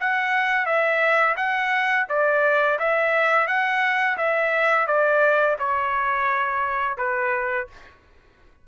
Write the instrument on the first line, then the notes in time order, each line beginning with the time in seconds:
trumpet
0.00 F#5
0.66 E5
1.36 F#5
2.09 D5
2.79 E5
3.47 F#5
4.17 E5
4.87 D5
5.59 C#5
6.97 B4